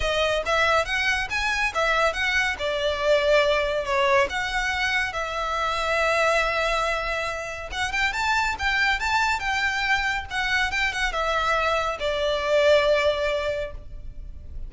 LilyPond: \new Staff \with { instrumentName = "violin" } { \time 4/4 \tempo 4 = 140 dis''4 e''4 fis''4 gis''4 | e''4 fis''4 d''2~ | d''4 cis''4 fis''2 | e''1~ |
e''2 fis''8 g''8 a''4 | g''4 a''4 g''2 | fis''4 g''8 fis''8 e''2 | d''1 | }